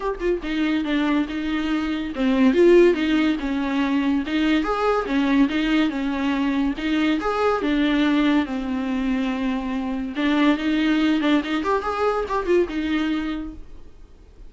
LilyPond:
\new Staff \with { instrumentName = "viola" } { \time 4/4 \tempo 4 = 142 g'8 f'8 dis'4 d'4 dis'4~ | dis'4 c'4 f'4 dis'4 | cis'2 dis'4 gis'4 | cis'4 dis'4 cis'2 |
dis'4 gis'4 d'2 | c'1 | d'4 dis'4. d'8 dis'8 g'8 | gis'4 g'8 f'8 dis'2 | }